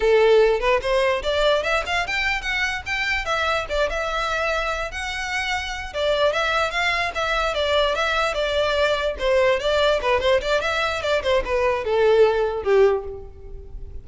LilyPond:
\new Staff \with { instrumentName = "violin" } { \time 4/4 \tempo 4 = 147 a'4. b'8 c''4 d''4 | e''8 f''8 g''4 fis''4 g''4 | e''4 d''8 e''2~ e''8 | fis''2~ fis''8 d''4 e''8~ |
e''8 f''4 e''4 d''4 e''8~ | e''8 d''2 c''4 d''8~ | d''8 b'8 c''8 d''8 e''4 d''8 c''8 | b'4 a'2 g'4 | }